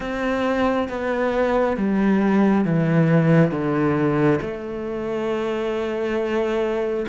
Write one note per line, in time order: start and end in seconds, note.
0.00 0.88 C4
0.88 1.76 B3
1.76 2.64 G3
2.64 3.51 E3
3.51 4.39 D3
4.41 7.06 A3